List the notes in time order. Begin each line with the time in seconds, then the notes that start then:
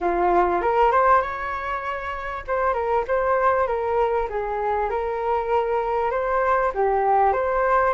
0.01 F4
0.61 A#4
0.91 C5
1.21 C#5
2.47 C5
2.73 A#4
3.07 C5
3.67 A#4
4.29 G#4
4.90 A#4
6.10 C5
6.74 G4
7.32 C5